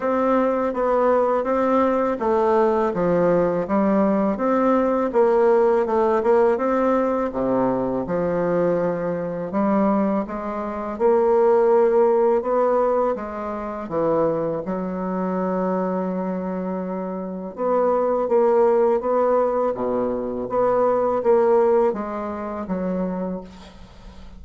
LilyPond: \new Staff \with { instrumentName = "bassoon" } { \time 4/4 \tempo 4 = 82 c'4 b4 c'4 a4 | f4 g4 c'4 ais4 | a8 ais8 c'4 c4 f4~ | f4 g4 gis4 ais4~ |
ais4 b4 gis4 e4 | fis1 | b4 ais4 b4 b,4 | b4 ais4 gis4 fis4 | }